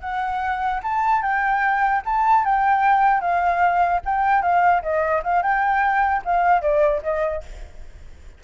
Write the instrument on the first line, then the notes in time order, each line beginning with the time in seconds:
flute
0.00 F#5
0.83 A5
1.22 G5
2.05 A5
2.45 G5
3.21 F5
4.05 G5
4.41 F5
4.82 D#5
5.23 F5
5.42 G5
6.24 F5
6.61 D5
7.02 D#5